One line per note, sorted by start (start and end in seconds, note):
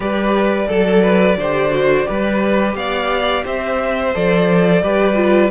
0.00 0.68 G3
0.00 0.67 G4
0.00 0.68 B4
0.00 2.75 D5
0.68 1.36 F#3
0.68 1.02 A4
0.68 1.36 A4
1.02 1.36 B4
1.36 2.05 D3
1.36 1.70 G4
1.36 2.07 C5
1.70 2.05 F#4
2.05 2.75 G3
2.05 4.12 G4
2.05 2.76 B4
2.75 3.44 B3
2.75 3.44 D5
2.75 3.44 F5
3.44 4.14 C4
3.44 4.82 C5
3.44 4.15 E5
4.14 4.81 F3
4.14 4.82 A4
4.14 5.50 D5
4.81 5.50 G3
4.81 5.15 G4
4.81 5.50 B4
5.15 5.49 F4